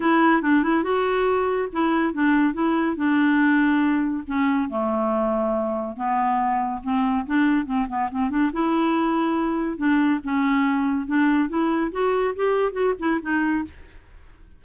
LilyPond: \new Staff \with { instrumentName = "clarinet" } { \time 4/4 \tempo 4 = 141 e'4 d'8 e'8 fis'2 | e'4 d'4 e'4 d'4~ | d'2 cis'4 a4~ | a2 b2 |
c'4 d'4 c'8 b8 c'8 d'8 | e'2. d'4 | cis'2 d'4 e'4 | fis'4 g'4 fis'8 e'8 dis'4 | }